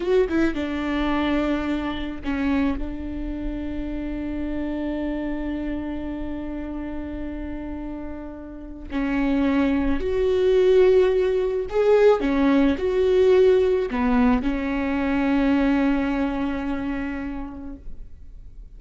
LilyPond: \new Staff \with { instrumentName = "viola" } { \time 4/4 \tempo 4 = 108 fis'8 e'8 d'2. | cis'4 d'2.~ | d'1~ | d'1 |
cis'2 fis'2~ | fis'4 gis'4 cis'4 fis'4~ | fis'4 b4 cis'2~ | cis'1 | }